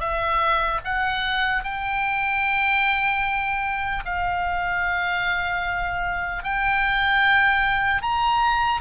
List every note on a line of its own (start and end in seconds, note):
0.00 0.80 E5
0.84 1.64 F#5
1.64 4.04 G5
4.05 6.43 F5
6.43 8.02 G5
8.02 8.81 A#5